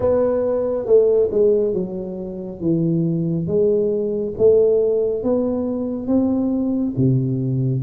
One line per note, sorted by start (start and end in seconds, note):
0.00 0.85 B3
0.85 1.28 A3
1.31 1.74 G#3
1.74 2.60 F#3
2.60 3.47 E3
3.47 4.34 G#3
4.37 5.23 A3
5.23 6.07 B3
6.07 6.94 C4
6.96 7.83 C3